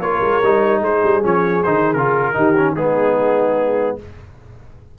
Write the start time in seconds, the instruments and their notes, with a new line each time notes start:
0.00 tuba A#3, trombone F4, horn A#4, trumpet C#5
0.21 tuba G#3
0.43 tuba G3, trombone D#4
0.81 tuba G#3, horn G#4, trumpet C5
1.04 tuba G3
1.23 tuba F3, trombone C#4, trumpet C#5
1.64 tuba D#3, trombone D#4, trumpet C5
1.94 tuba C#3, trombone F4, trumpet A#4
2.34 tuba D#3, trombone D#4, horn G4
2.57 trombone C#4
2.76 tuba G#3, trombone B3, horn D#4, trumpet G#4